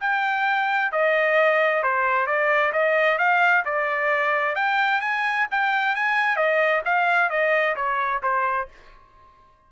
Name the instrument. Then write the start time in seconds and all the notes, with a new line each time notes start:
trumpet
0.00 G5
0.92 D#5
1.83 C5
2.26 D5
2.72 D#5
3.18 F5
3.65 D5
4.55 G5
5.01 G#5
5.51 G5
5.95 G#5
6.36 D#5
6.85 F5
7.29 D#5
7.76 C#5
8.22 C5